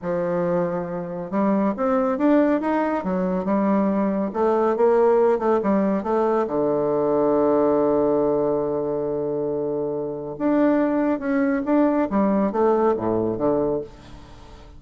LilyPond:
\new Staff \with { instrumentName = "bassoon" } { \time 4/4 \tempo 4 = 139 f2. g4 | c'4 d'4 dis'4 fis4 | g2 a4 ais4~ | ais8 a8 g4 a4 d4~ |
d1~ | d1 | d'2 cis'4 d'4 | g4 a4 a,4 d4 | }